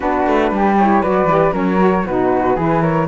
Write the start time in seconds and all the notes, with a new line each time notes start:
0.00 B3 D4 F#4 B4
0.26 A3
0.51 G3 G4
0.77 E4 C#5
1.01 F#3 F#4 B4 D5
1.25 E3 G4
1.51 F#3 C#4 A#4 C#5
1.78 F#4
2.05 B2 D#4 F#4 B4
2.56 E3 E4 G#4
2.81 A#4 C#5